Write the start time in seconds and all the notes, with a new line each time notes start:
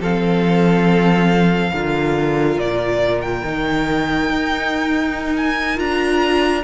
0.00 F3 C4 A4 F5
1.72 D3 F4 A#4
2.57 A#2 D5
3.22 G5
3.43 D#3 D#4
4.29 D#4
5.36 G#5
5.77 D4 F4 A#5